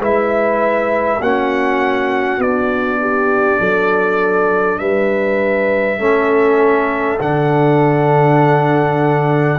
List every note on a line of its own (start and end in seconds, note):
0.00 1.20 G#3
0.00 1.21 E4
0.00 1.20 B4
0.00 1.22 E5
1.20 2.38 A#3
1.20 2.42 C#4
1.20 3.00 F#4
1.20 2.42 F#5
2.38 3.58 B3
2.38 5.99 D4
2.38 4.79 D5
3.01 3.60 G4
3.60 4.79 F#3
3.60 4.80 A4
4.79 5.99 G3
4.79 5.99 B4
4.79 7.19 E5
5.99 7.19 A3
5.99 7.19 C#4
5.99 9.59 A4
7.20 9.59 D3
7.20 9.59 D4
7.20 9.59 F#5